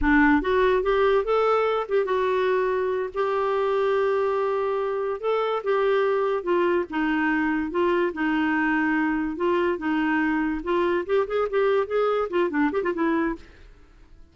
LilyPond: \new Staff \with { instrumentName = "clarinet" } { \time 4/4 \tempo 4 = 144 d'4 fis'4 g'4 a'4~ | a'8 g'8 fis'2~ fis'8 g'8~ | g'1~ | g'8 a'4 g'2 f'8~ |
f'8 dis'2 f'4 dis'8~ | dis'2~ dis'8 f'4 dis'8~ | dis'4. f'4 g'8 gis'8 g'8~ | g'8 gis'4 f'8 d'8 g'16 f'16 e'4 | }